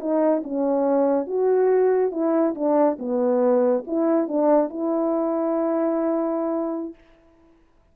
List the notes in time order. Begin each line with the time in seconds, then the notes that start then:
0.00 D#4
0.44 C#4
1.27 F#4
2.11 E4
2.55 D4
2.99 B3
3.87 E4
4.28 D4
4.69 E4